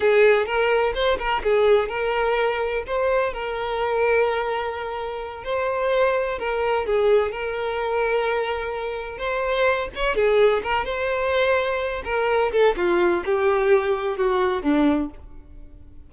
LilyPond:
\new Staff \with { instrumentName = "violin" } { \time 4/4 \tempo 4 = 127 gis'4 ais'4 c''8 ais'8 gis'4 | ais'2 c''4 ais'4~ | ais'2.~ ais'8 c''8~ | c''4. ais'4 gis'4 ais'8~ |
ais'2.~ ais'8 c''8~ | c''4 cis''8 gis'4 ais'8 c''4~ | c''4. ais'4 a'8 f'4 | g'2 fis'4 d'4 | }